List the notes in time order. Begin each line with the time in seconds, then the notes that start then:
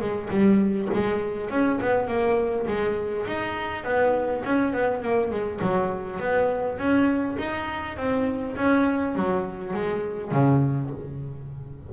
0.00 G#3
0.30 G3
0.94 G#3
1.50 C#4
1.81 B3
2.07 A#3
2.67 G#3
3.27 D#4
3.84 B3
4.44 C#4
4.73 B3
5.03 A#3
5.31 G#3
5.62 F#3
6.20 B3
6.78 C#4
7.39 D#4
7.97 C4
8.56 C#4
9.16 F#3
9.74 G#3
10.32 C#3